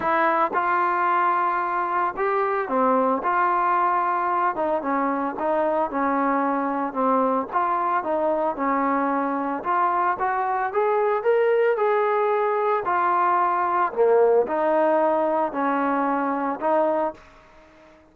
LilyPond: \new Staff \with { instrumentName = "trombone" } { \time 4/4 \tempo 4 = 112 e'4 f'2. | g'4 c'4 f'2~ | f'8 dis'8 cis'4 dis'4 cis'4~ | cis'4 c'4 f'4 dis'4 |
cis'2 f'4 fis'4 | gis'4 ais'4 gis'2 | f'2 ais4 dis'4~ | dis'4 cis'2 dis'4 | }